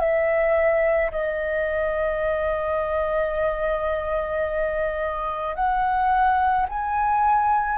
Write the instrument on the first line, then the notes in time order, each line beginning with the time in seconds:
flute
0.00 E5
1.11 D#5
5.56 F#5
6.69 G#5